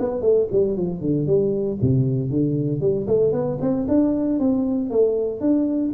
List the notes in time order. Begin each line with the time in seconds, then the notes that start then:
0.00 B3
0.22 A3
0.52 G3
0.77 F3
1.01 D3
1.27 G3
1.82 C3
2.31 D3
2.81 G3
3.08 A3
3.33 B3
3.61 C4
3.88 D4
4.40 C4
4.91 A3
5.41 D4